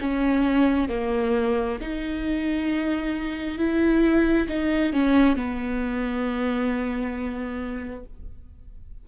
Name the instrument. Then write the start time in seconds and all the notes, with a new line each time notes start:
viola
0.00 C#4
0.89 A#3
1.81 D#4
3.58 E4
4.48 D#4
4.93 C#4
5.36 B3